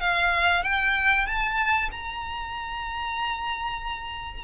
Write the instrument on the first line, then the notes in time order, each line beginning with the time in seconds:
violin
0.00 F5
0.63 G5
1.26 A5
1.91 A#5